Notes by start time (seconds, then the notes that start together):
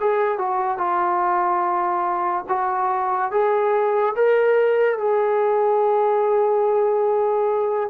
0.00 G#4
0.38 F#4
0.78 F4
2.48 F#4
3.31 G#4
4.16 A#4
4.98 G#4